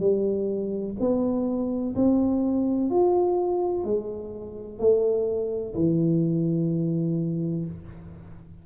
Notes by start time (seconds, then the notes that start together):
0.00 G3
1.00 B3
1.95 C4
2.90 F4
3.84 G#3
4.79 A3
5.74 E3